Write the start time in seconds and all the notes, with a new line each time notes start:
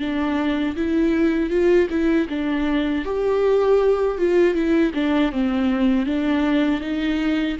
0.00 D4
0.76 E4
1.50 F4
1.90 E4
2.29 D4
3.05 G4
4.18 F4
4.54 E4
4.94 D4
5.32 C4
6.06 D4
6.81 D#4